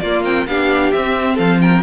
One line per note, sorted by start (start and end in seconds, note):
0.00 0.47 A#3
0.00 0.24 A#3
0.00 0.48 F4
0.00 0.23 D5
0.24 0.47 C4
0.24 0.47 G5
0.47 0.93 B3
0.47 0.95 D4
0.47 1.35 G4
0.47 0.92 F5
0.92 1.39 C4
0.92 1.83 C4
0.92 1.37 E5
1.35 1.83 F3
1.35 1.58 A4
1.35 1.61 F5
1.61 1.83 A#4
1.61 1.83 G5